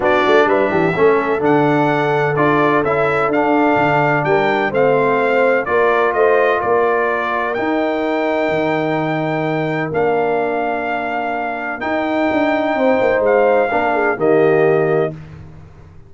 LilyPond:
<<
  \new Staff \with { instrumentName = "trumpet" } { \time 4/4 \tempo 4 = 127 d''4 e''2 fis''4~ | fis''4 d''4 e''4 f''4~ | f''4 g''4 f''2 | d''4 dis''4 d''2 |
g''1~ | g''4 f''2.~ | f''4 g''2. | f''2 dis''2 | }
  \new Staff \with { instrumentName = "horn" } { \time 4/4 fis'4 b'8 g'8 a'2~ | a'1~ | a'4 ais'4 c''2 | ais'4 c''4 ais'2~ |
ais'1~ | ais'1~ | ais'2. c''4~ | c''4 ais'8 gis'8 g'2 | }
  \new Staff \with { instrumentName = "trombone" } { \time 4/4 d'2 cis'4 d'4~ | d'4 f'4 e'4 d'4~ | d'2 c'2 | f'1 |
dis'1~ | dis'4 d'2.~ | d'4 dis'2.~ | dis'4 d'4 ais2 | }
  \new Staff \with { instrumentName = "tuba" } { \time 4/4 b8 a8 g8 e8 a4 d4~ | d4 d'4 cis'4 d'4 | d4 g4 a2 | ais4 a4 ais2 |
dis'2 dis2~ | dis4 ais2.~ | ais4 dis'4 d'4 c'8 ais8 | gis4 ais4 dis2 | }
>>